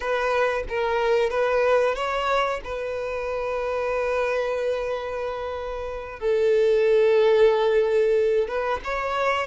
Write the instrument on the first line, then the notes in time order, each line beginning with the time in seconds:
violin
0.00 B4
0.68 A#4
1.30 B4
1.95 C#5
2.64 B4
6.19 A4
8.48 B4
8.84 C#5